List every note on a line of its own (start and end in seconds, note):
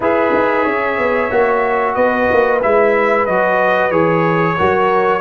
0.00 0.32 E4
0.00 1.30 G#4
0.00 0.63 B4
0.00 1.95 E5
0.33 0.66 D#4
0.63 0.98 C#4
0.63 1.94 C#5
0.98 1.30 B3
1.30 1.96 A#3
1.30 2.61 F#4
1.94 2.28 B3
1.94 4.55 B4
1.94 2.60 D#5
2.31 2.64 A#3
2.62 3.27 G#3
2.62 3.27 E4
2.62 3.26 E5
3.26 3.90 F#3
3.26 3.91 F#4
3.26 3.91 D#5
3.90 4.55 E3
3.90 4.56 G#4
3.90 5.20 C#5
4.56 5.20 F#3
4.56 5.20 F#4
4.56 5.20 A#4